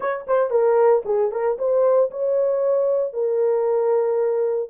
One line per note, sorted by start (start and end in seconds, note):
0.00 0.25 C#5
0.27 0.50 C5
0.50 1.02 A#4
1.05 1.31 G#4
1.31 1.57 A#4
1.58 2.10 C5
2.10 3.13 C#5
3.13 4.69 A#4